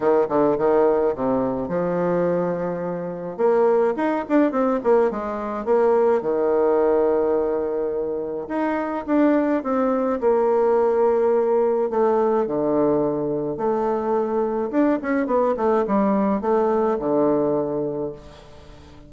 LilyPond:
\new Staff \with { instrumentName = "bassoon" } { \time 4/4 \tempo 4 = 106 dis8 d8 dis4 c4 f4~ | f2 ais4 dis'8 d'8 | c'8 ais8 gis4 ais4 dis4~ | dis2. dis'4 |
d'4 c'4 ais2~ | ais4 a4 d2 | a2 d'8 cis'8 b8 a8 | g4 a4 d2 | }